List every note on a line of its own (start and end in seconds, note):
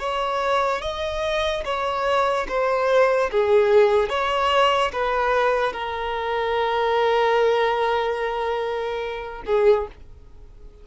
0.00 0.82 C#5
0.82 1.64 D#5
1.65 2.47 C#5
2.49 3.31 C5
3.32 4.10 G#4
4.10 4.92 C#5
4.93 5.73 B4
5.73 9.43 A#4
9.47 9.88 G#4